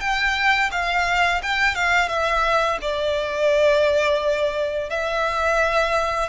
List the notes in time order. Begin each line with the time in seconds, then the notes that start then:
0.00 G5
0.71 F5
1.42 G5
1.74 F5
2.08 E5
2.81 D5
4.90 E5